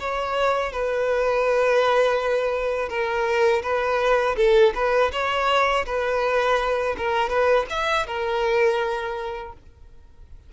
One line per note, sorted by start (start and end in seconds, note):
0.00 0.72 C#5
0.72 2.89 B4
2.89 3.62 A#4
3.63 4.36 B4
4.37 4.73 A4
4.75 5.11 B4
5.12 5.85 C#5
5.86 6.96 B4
6.97 7.29 A#4
7.29 7.66 B4
7.70 8.07 E5
8.07 9.53 A#4